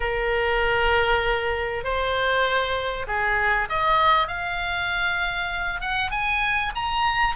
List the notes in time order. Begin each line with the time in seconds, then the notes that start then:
0.00 A#4
1.83 C5
3.07 G#4
3.69 D#5
4.27 F5
5.81 F#5
6.11 G#5
6.75 A#5